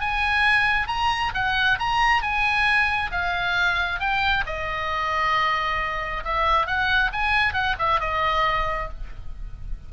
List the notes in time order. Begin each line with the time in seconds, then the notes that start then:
0.00 G#5
0.87 A#5
1.34 F#5
1.79 A#5
2.22 G#5
3.11 F5
4.00 G5
4.46 D#5
6.24 E5
6.66 F#5
7.13 G#5
7.53 F#5
7.78 E5
8.00 D#5